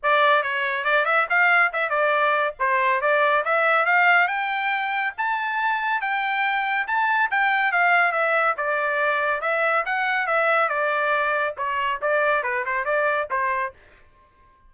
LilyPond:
\new Staff \with { instrumentName = "trumpet" } { \time 4/4 \tempo 4 = 140 d''4 cis''4 d''8 e''8 f''4 | e''8 d''4. c''4 d''4 | e''4 f''4 g''2 | a''2 g''2 |
a''4 g''4 f''4 e''4 | d''2 e''4 fis''4 | e''4 d''2 cis''4 | d''4 b'8 c''8 d''4 c''4 | }